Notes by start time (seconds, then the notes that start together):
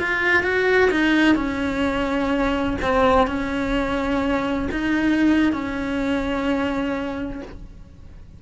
0.00 F4
0.44 F#4
0.92 D#4
1.36 C#4
2.82 C4
3.27 C#4
4.72 D#4
5.53 C#4